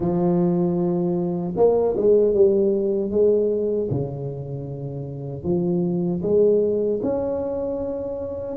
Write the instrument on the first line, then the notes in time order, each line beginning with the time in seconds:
tuba
0.00 F3
1.56 A#3
1.96 G#3
2.33 G3
3.11 G#3
3.90 C#3
5.43 F3
6.22 G#3
7.02 C#4